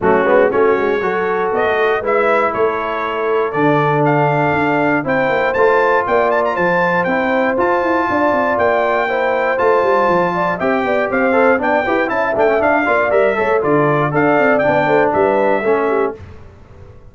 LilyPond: <<
  \new Staff \with { instrumentName = "trumpet" } { \time 4/4 \tempo 4 = 119 fis'4 cis''2 dis''4 | e''4 cis''2 d''4 | f''2 g''4 a''4 | g''8 a''16 ais''16 a''4 g''4 a''4~ |
a''4 g''2 a''4~ | a''4 g''4 f''4 g''4 | a''8 g''8 f''4 e''4 d''4 | f''4 g''4 e''2 | }
  \new Staff \with { instrumentName = "horn" } { \time 4/4 cis'4 fis'4 a'2 | b'4 a'2.~ | a'2 c''2 | d''4 c''2. |
d''2 c''2~ | c''8 d''8 e''8 d''8 c''4 d''8 b'8 | e''4. d''4 cis''8 a'4 | d''4. c''8 b'4 a'8 g'8 | }
  \new Staff \with { instrumentName = "trombone" } { \time 4/4 a8 b8 cis'4 fis'2 | e'2. d'4~ | d'2 e'4 f'4~ | f'2 e'4 f'4~ |
f'2 e'4 f'4~ | f'4 g'4. a'8 d'8 g'8 | e'8 d'16 cis'16 d'8 f'8 ais'8 a'8 f'4 | a'4 d'2 cis'4 | }
  \new Staff \with { instrumentName = "tuba" } { \time 4/4 fis8 gis8 a8 gis8 fis4 b16 a8. | gis4 a2 d4~ | d4 d'4 c'8 ais8 a4 | ais4 f4 c'4 f'8 e'8 |
d'8 c'8 ais2 a8 g8 | f4 c'8 b8 c'4 b8 e'8 | cis'8 a8 d'8 ais8 g8 a8 d4 | d'8 c'8 b8 a8 g4 a4 | }
>>